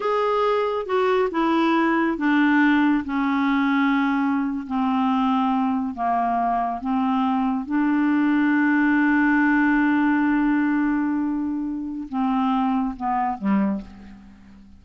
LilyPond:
\new Staff \with { instrumentName = "clarinet" } { \time 4/4 \tempo 4 = 139 gis'2 fis'4 e'4~ | e'4 d'2 cis'4~ | cis'2~ cis'8. c'4~ c'16~ | c'4.~ c'16 ais2 c'16~ |
c'4.~ c'16 d'2~ d'16~ | d'1~ | d'1 | c'2 b4 g4 | }